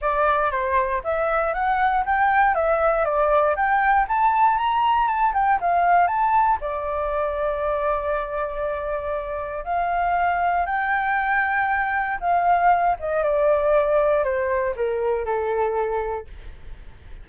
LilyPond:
\new Staff \with { instrumentName = "flute" } { \time 4/4 \tempo 4 = 118 d''4 c''4 e''4 fis''4 | g''4 e''4 d''4 g''4 | a''4 ais''4 a''8 g''8 f''4 | a''4 d''2.~ |
d''2. f''4~ | f''4 g''2. | f''4. dis''8 d''2 | c''4 ais'4 a'2 | }